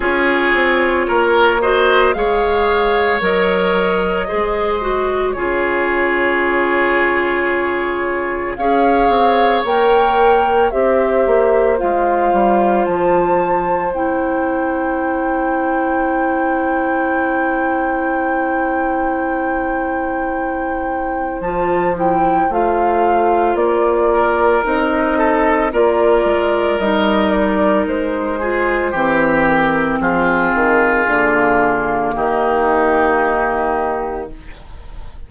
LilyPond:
<<
  \new Staff \with { instrumentName = "flute" } { \time 4/4 \tempo 4 = 56 cis''4. dis''8 f''4 dis''4~ | dis''4 cis''2. | f''4 g''4 e''4 f''4 | a''4 g''2.~ |
g''1 | a''8 g''8 f''4 d''4 dis''4 | d''4 dis''8 d''8 c''4. ais'8 | gis'2 g'2 | }
  \new Staff \with { instrumentName = "oboe" } { \time 4/4 gis'4 ais'8 c''8 cis''2 | c''4 gis'2. | cis''2 c''2~ | c''1~ |
c''1~ | c''2~ c''8 ais'4 a'8 | ais'2~ ais'8 gis'8 g'4 | f'2 dis'2 | }
  \new Staff \with { instrumentName = "clarinet" } { \time 4/4 f'4. fis'8 gis'4 ais'4 | gis'8 fis'8 f'2. | gis'4 ais'4 g'4 f'4~ | f'4 e'2.~ |
e'1 | f'8 e'8 f'2 dis'4 | f'4 dis'4. f'8 c'4~ | c'4 ais2. | }
  \new Staff \with { instrumentName = "bassoon" } { \time 4/4 cis'8 c'8 ais4 gis4 fis4 | gis4 cis2. | cis'8 c'8 ais4 c'8 ais8 gis8 g8 | f4 c'2.~ |
c'1 | f4 a4 ais4 c'4 | ais8 gis8 g4 gis4 e4 | f8 dis8 d4 dis2 | }
>>